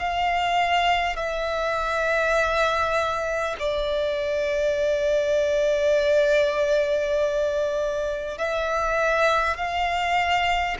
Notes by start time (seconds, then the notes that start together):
0.00 F5
1.16 E5
3.59 D5
8.39 E5
9.57 F5